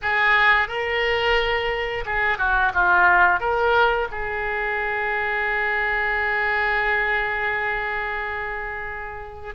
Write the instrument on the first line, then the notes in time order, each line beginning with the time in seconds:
oboe
0.02 G#4
0.68 A#4
2.05 G#4
2.38 F#4
2.73 F4
3.39 A#4
4.11 G#4